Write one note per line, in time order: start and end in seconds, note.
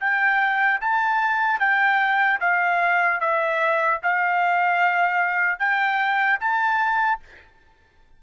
0.00 0.80 G5
0.80 1.59 A5
1.59 2.39 G5
2.40 3.20 F5
3.20 4.00 E5
4.03 5.59 F5
5.59 6.39 G5
6.40 7.20 A5